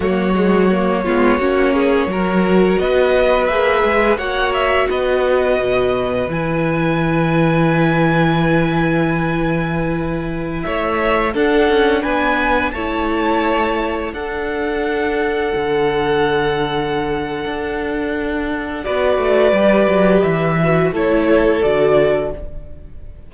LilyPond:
<<
  \new Staff \with { instrumentName = "violin" } { \time 4/4 \tempo 4 = 86 cis''1 | dis''4 e''4 fis''8 e''8 dis''4~ | dis''4 gis''2.~ | gis''2.~ gis''16 e''8.~ |
e''16 fis''4 gis''4 a''4.~ a''16~ | a''16 fis''2.~ fis''8.~ | fis''2. d''4~ | d''4 e''4 cis''4 d''4 | }
  \new Staff \with { instrumentName = "violin" } { \time 4/4 fis'4. f'8 fis'8 gis'8 ais'4 | b'2 cis''4 b'4~ | b'1~ | b'2.~ b'16 cis''8.~ |
cis''16 a'4 b'4 cis''4.~ cis''16~ | cis''16 a'2.~ a'8.~ | a'2. b'4~ | b'2 a'2 | }
  \new Staff \with { instrumentName = "viola" } { \time 4/4 ais8 gis8 ais8 b8 cis'4 fis'4~ | fis'4 gis'4 fis'2~ | fis'4 e'2.~ | e'1~ |
e'16 d'2 e'4.~ e'16~ | e'16 d'2.~ d'8.~ | d'2. fis'4 | g'4. fis'8 e'4 fis'4 | }
  \new Staff \with { instrumentName = "cello" } { \time 4/4 fis4. gis8 ais4 fis4 | b4 ais8 gis8 ais4 b4 | b,4 e2.~ | e2.~ e16 a8.~ |
a16 d'8 cis'8 b4 a4.~ a16~ | a16 d'2 d4.~ d16~ | d4 d'2 b8 a8 | g8 fis8 e4 a4 d4 | }
>>